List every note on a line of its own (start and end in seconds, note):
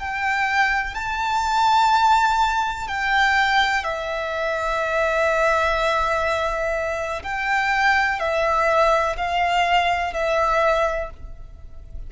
0.00 0.95 G5
0.95 2.89 A5
2.89 3.84 G5
3.84 7.23 E5
7.24 8.20 G5
8.20 9.17 E5
9.18 10.14 F5
10.14 11.11 E5